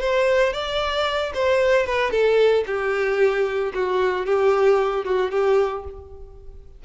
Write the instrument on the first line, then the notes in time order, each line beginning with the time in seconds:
violin
0.00 C5
0.52 D5
1.34 C5
1.86 B4
2.11 A4
2.66 G4
3.74 F#4
4.25 G4
5.04 F#4
5.30 G4